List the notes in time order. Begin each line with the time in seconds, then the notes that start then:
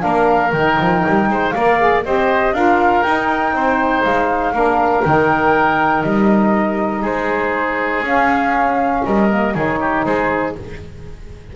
0.00 A#3 D4 A#4 F5
0.53 D#3 D#4 G5
0.80 F3
1.08 G3
1.29 G#3 C5
1.51 A#3 A#4 D5 F5
1.79 G#4
2.04 C4 G4 C5 D#5
2.53 D4 F4 A#4 F5
3.03 D#4 G5
3.52 C4 C5
4.04 G#3 F5
4.53 A#3 D4 A#4
5.04 D#3 D#4 G5
6.03 G3 D#5
7.01 G#3 G#4 C5
8.02 C#4 F5
9.05 G3 A#4 D#5
9.29 A#3
9.54 D#3 D#4 G#4 C#5
9.81 G4
10.05 G#3 G#4 C5